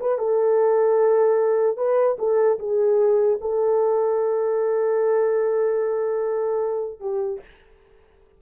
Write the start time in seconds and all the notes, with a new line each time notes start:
0.00 B4
0.18 A4
1.77 B4
2.19 A4
2.59 G#4
3.41 A4
7.00 G4